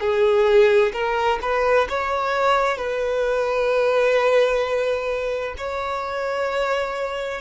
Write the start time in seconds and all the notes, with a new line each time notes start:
0.00 G#4
0.93 A#4
1.41 B4
1.89 C#5
2.77 B4
5.57 C#5